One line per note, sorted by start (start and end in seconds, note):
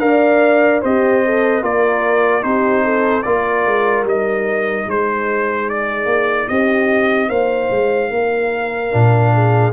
0.00 0.81 D4
0.00 0.82 A#4
0.00 0.85 D5
0.00 0.81 F5
0.82 1.62 C4
0.82 1.25 G4
0.82 1.62 C5
0.82 1.64 D#5
1.25 1.63 A4
1.62 2.43 A#3
1.62 2.42 F4
1.62 2.44 A#4
1.62 2.43 D5
2.42 3.25 C4
2.42 3.23 D#4
2.42 2.84 G4
2.42 3.23 C5
2.84 3.25 A4
3.23 3.66 A#3
3.23 4.06 F4
3.23 4.89 A#4
3.23 4.04 D5
3.66 4.04 G#3
4.04 4.85 G3
4.04 8.91 D#4
4.04 4.90 D#5
4.86 6.06 G#3
4.86 6.49 G#4
4.86 5.70 C5
5.70 6.49 D5
6.06 6.46 A#3
6.49 7.29 C4
6.49 7.29 G4
6.49 7.30 D#5
7.29 7.70 A#3
7.29 8.10 C5
7.29 9.73 F5
7.71 8.10 G#3
8.10 8.91 A#3
8.10 9.34 A#4
8.91 9.74 A#2
8.91 9.72 D4
9.34 9.74 G#4